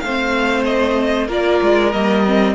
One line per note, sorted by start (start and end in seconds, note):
0.00 1.28 A3
0.00 1.28 C5
0.00 0.63 F5
0.07 1.29 C4
0.65 1.28 D#5
1.28 1.60 A#3
1.28 1.92 F4
1.28 2.54 A#4
1.28 1.93 D5
1.62 1.93 G#3
1.93 2.55 G3
1.93 2.24 A#3
1.93 2.55 D#5
2.26 2.55 C4